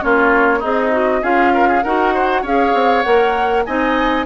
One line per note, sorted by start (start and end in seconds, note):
0.00 0.64 A#3
0.00 0.61 C#4
0.00 0.59 F4
0.00 0.63 C#5
0.59 1.23 C4
0.59 1.20 D#4
0.59 0.92 G#4
0.59 1.24 D#5
0.92 1.22 F#4
1.22 1.84 C#4
1.22 1.83 F4
1.22 1.53 G#4
1.22 1.83 F5
1.54 1.68 A#4
1.68 1.84 G#4
1.83 2.43 D#4
1.83 2.45 F#4
1.83 2.14 A#4
1.83 2.44 F#5
2.14 2.42 C5
2.42 2.73 C#4
2.42 3.05 G#4
2.42 3.63 C#5
2.42 3.03 F5
2.74 3.04 C4
3.03 3.67 A#3
3.03 3.66 A#4
3.03 3.64 F#5
3.65 4.26 C4
3.65 4.26 D#4
3.65 4.26 D#5
3.65 4.26 G#5